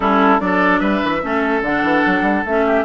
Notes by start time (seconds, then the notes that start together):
0.00 G3 C#4 E4 A4
0.39 F#3 D4 A4 D5
0.79 G3 B4 E5
1.03 E3
1.22 A3 C#4 A4
1.62 D3 D4 F#5
1.83 E3
2.06 F#3
2.21 G3
2.45 A3 C#4 E5
2.66 G4